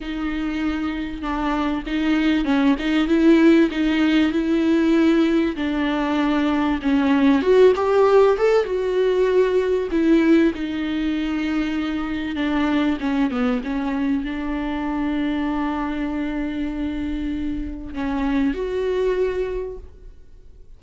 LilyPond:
\new Staff \with { instrumentName = "viola" } { \time 4/4 \tempo 4 = 97 dis'2 d'4 dis'4 | cis'8 dis'8 e'4 dis'4 e'4~ | e'4 d'2 cis'4 | fis'8 g'4 a'8 fis'2 |
e'4 dis'2. | d'4 cis'8 b8 cis'4 d'4~ | d'1~ | d'4 cis'4 fis'2 | }